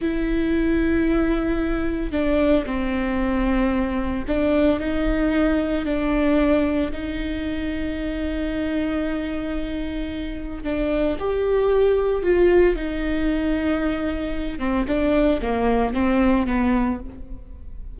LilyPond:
\new Staff \with { instrumentName = "viola" } { \time 4/4 \tempo 4 = 113 e'1 | d'4 c'2. | d'4 dis'2 d'4~ | d'4 dis'2.~ |
dis'1 | d'4 g'2 f'4 | dis'2.~ dis'8 c'8 | d'4 ais4 c'4 b4 | }